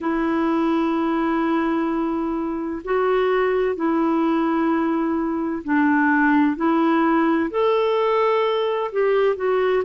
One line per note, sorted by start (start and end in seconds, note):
0.00 2.82 E4
2.84 3.75 F#4
3.75 5.62 E4
5.63 6.56 D4
6.56 7.50 E4
7.50 8.91 A4
8.91 9.36 G4
9.36 9.83 F#4